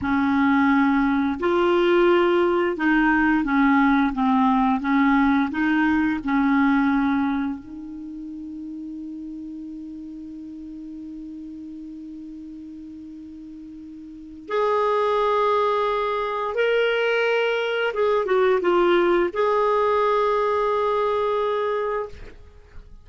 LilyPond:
\new Staff \with { instrumentName = "clarinet" } { \time 4/4 \tempo 4 = 87 cis'2 f'2 | dis'4 cis'4 c'4 cis'4 | dis'4 cis'2 dis'4~ | dis'1~ |
dis'1~ | dis'4 gis'2. | ais'2 gis'8 fis'8 f'4 | gis'1 | }